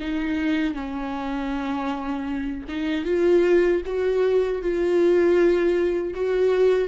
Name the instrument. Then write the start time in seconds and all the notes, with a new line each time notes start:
viola
0.00 D#4
0.74 C#4
2.69 D#4
3.05 F4
3.85 F#4
4.62 F4
6.14 F#4